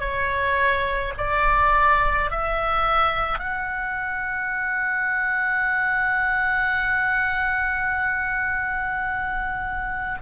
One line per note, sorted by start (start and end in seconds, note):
0.00 1.13 C#5
1.17 2.31 D5
2.31 3.39 E5
3.39 10.18 F#5